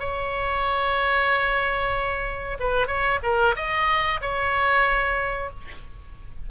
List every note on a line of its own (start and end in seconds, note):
0.00 2.58 C#5
2.60 2.87 B4
2.87 3.20 C#5
3.23 3.56 A#4
3.56 4.21 D#5
4.21 5.50 C#5